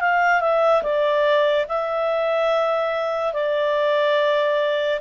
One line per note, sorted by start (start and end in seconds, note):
0.00 0.41 F5
0.41 0.82 E5
0.83 1.66 D5
1.68 3.33 E5
3.33 5.00 D5